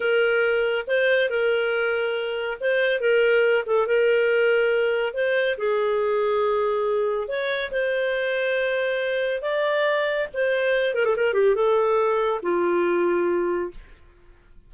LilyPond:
\new Staff \with { instrumentName = "clarinet" } { \time 4/4 \tempo 4 = 140 ais'2 c''4 ais'4~ | ais'2 c''4 ais'4~ | ais'8 a'8 ais'2. | c''4 gis'2.~ |
gis'4 cis''4 c''2~ | c''2 d''2 | c''4. ais'16 a'16 ais'8 g'8 a'4~ | a'4 f'2. | }